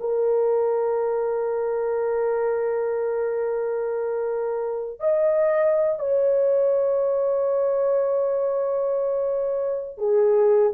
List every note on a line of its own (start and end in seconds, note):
0.00 5.00 A#4
5.00 5.99 D#5
5.99 9.97 C#5
9.97 10.72 G#4